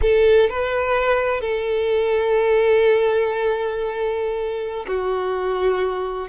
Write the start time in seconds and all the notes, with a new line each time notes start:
0.01 A4
0.49 B4
1.40 A4
4.87 F#4